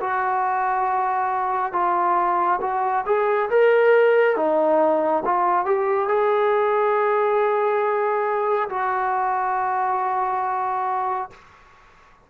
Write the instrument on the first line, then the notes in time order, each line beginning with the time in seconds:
trombone
0.00 F#4
1.73 F4
2.61 F#4
3.06 G#4
3.50 A#4
4.36 D#4
5.25 F4
5.66 G4
6.08 G#4
8.70 F#4